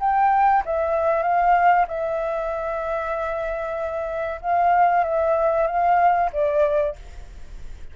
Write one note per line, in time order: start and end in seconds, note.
0.00 0.63 G5
0.66 1.23 E5
1.23 1.86 F5
1.88 4.41 E5
4.42 5.04 F5
5.04 5.67 E5
5.67 6.30 F5
6.33 6.96 D5